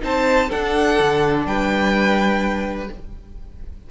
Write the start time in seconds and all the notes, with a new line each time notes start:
0.00 C4 D#4 C5 A5
0.49 D4 A4 F#5
0.99 D3
1.46 G3 B4 G5